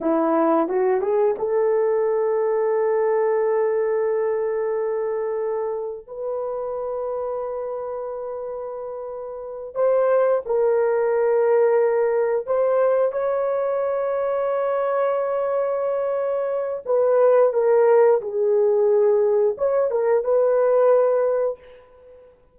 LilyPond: \new Staff \with { instrumentName = "horn" } { \time 4/4 \tempo 4 = 89 e'4 fis'8 gis'8 a'2~ | a'1~ | a'4 b'2.~ | b'2~ b'8 c''4 ais'8~ |
ais'2~ ais'8 c''4 cis''8~ | cis''1~ | cis''4 b'4 ais'4 gis'4~ | gis'4 cis''8 ais'8 b'2 | }